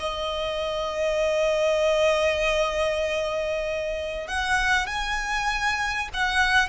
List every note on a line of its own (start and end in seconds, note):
0.00 4.28 D#5
4.28 4.87 F#5
4.87 6.09 G#5
6.14 6.69 F#5